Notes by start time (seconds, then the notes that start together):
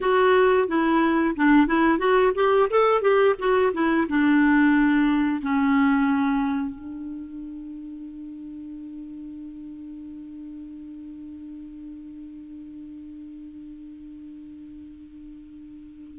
0.00 F#4
0.67 E4
1.35 D4
1.67 E4
1.98 F#4
2.34 G4
2.70 A4
3.01 G4
3.38 F#4
3.73 E4
4.08 D4
5.41 C#4
6.75 D4